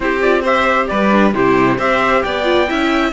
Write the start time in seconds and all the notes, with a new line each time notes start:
0.00 C4 E4 G4 C5
0.21 F4 D5
0.42 G4 C5 E5
0.87 G3 B4 D5
1.10 D4
1.33 C3 E4 G4 C5
1.77 C4 G4 C5 E5
2.23 B3 D5 G5
2.43 F4
2.68 C#4 E4 E5